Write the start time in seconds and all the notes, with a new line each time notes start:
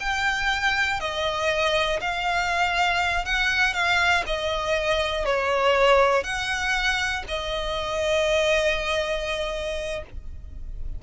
0.00 G5
1.00 D#5
2.01 F5
3.25 F#5
3.74 F5
4.26 D#5
5.25 C#5
6.23 F#5
7.28 D#5